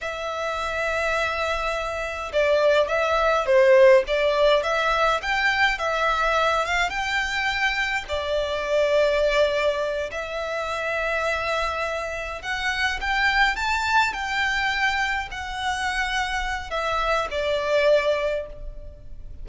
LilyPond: \new Staff \with { instrumentName = "violin" } { \time 4/4 \tempo 4 = 104 e''1 | d''4 e''4 c''4 d''4 | e''4 g''4 e''4. f''8 | g''2 d''2~ |
d''4. e''2~ e''8~ | e''4. fis''4 g''4 a''8~ | a''8 g''2 fis''4.~ | fis''4 e''4 d''2 | }